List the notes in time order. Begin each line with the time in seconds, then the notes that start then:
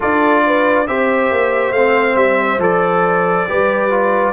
0.00 D4 F4 A4 D5
0.46 B4
0.87 C4 G4 C5 E5
1.31 A#3
1.72 A3 C4 F5
2.15 G3 E5
2.58 F3 A4 D5
3.48 G3 G4 B4
3.90 F4